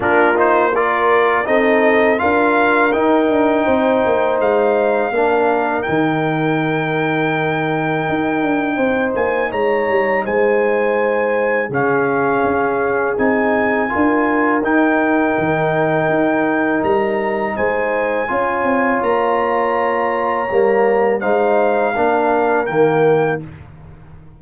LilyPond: <<
  \new Staff \with { instrumentName = "trumpet" } { \time 4/4 \tempo 4 = 82 ais'8 c''8 d''4 dis''4 f''4 | g''2 f''2 | g''1~ | g''8 gis''8 ais''4 gis''2 |
f''2 gis''2 | g''2. ais''4 | gis''2 ais''2~ | ais''4 f''2 g''4 | }
  \new Staff \with { instrumentName = "horn" } { \time 4/4 f'4 ais'4 a'4 ais'4~ | ais'4 c''2 ais'4~ | ais'1 | c''4 cis''4 c''2 |
gis'2. ais'4~ | ais'1 | c''4 cis''2.~ | cis''4 c''4 ais'2 | }
  \new Staff \with { instrumentName = "trombone" } { \time 4/4 d'8 dis'8 f'4 dis'4 f'4 | dis'2. d'4 | dis'1~ | dis'1 |
cis'2 dis'4 f'4 | dis'1~ | dis'4 f'2. | ais4 dis'4 d'4 ais4 | }
  \new Staff \with { instrumentName = "tuba" } { \time 4/4 ais2 c'4 d'4 | dis'8 d'8 c'8 ais8 gis4 ais4 | dis2. dis'8 d'8 | c'8 ais8 gis8 g8 gis2 |
cis4 cis'4 c'4 d'4 | dis'4 dis4 dis'4 g4 | gis4 cis'8 c'8 ais2 | g4 gis4 ais4 dis4 | }
>>